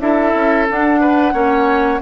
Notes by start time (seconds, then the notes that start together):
0.00 D4 E4 A4 E5
0.35 C#4
0.69 D4 F#5
1.01 B4
1.33 A#3 C#4 C#5